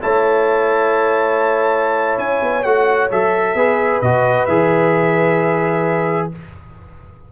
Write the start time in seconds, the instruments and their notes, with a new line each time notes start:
0.00 tuba A3, trombone E4, horn C#5, trumpet A5
2.18 tuba C#4, trumpet G#5
2.42 tuba B3
2.63 tuba A3, trombone F#4, trumpet F#5
3.11 tuba F#3, trombone A4, trumpet E5
3.54 tuba B3, trombone G#4, horn B4
4.01 tuba B2, trombone F#4, trumpet D#5
4.45 tuba E3, trombone G#4, trumpet E5